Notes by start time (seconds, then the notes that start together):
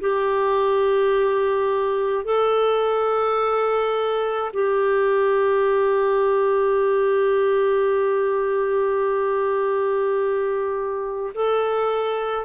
0.00 G4
2.25 A4
4.53 G4
11.34 A4